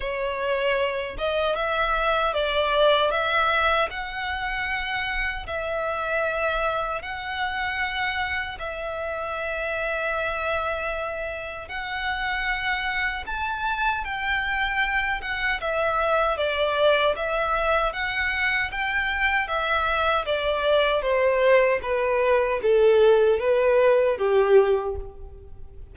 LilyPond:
\new Staff \with { instrumentName = "violin" } { \time 4/4 \tempo 4 = 77 cis''4. dis''8 e''4 d''4 | e''4 fis''2 e''4~ | e''4 fis''2 e''4~ | e''2. fis''4~ |
fis''4 a''4 g''4. fis''8 | e''4 d''4 e''4 fis''4 | g''4 e''4 d''4 c''4 | b'4 a'4 b'4 g'4 | }